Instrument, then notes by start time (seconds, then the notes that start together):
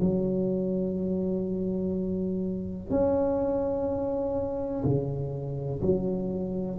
tuba
0.00 F#3
2.91 C#4
4.84 C#3
5.82 F#3